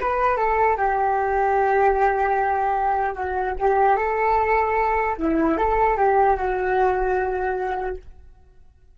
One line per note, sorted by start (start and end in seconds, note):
0.00 0.37 B4
0.37 0.77 A4
0.77 3.15 G4
3.15 3.55 F#4
3.59 3.96 G4
3.96 5.16 A4
5.17 5.57 E4
5.57 5.97 A4
5.97 6.37 G4
6.37 7.97 F#4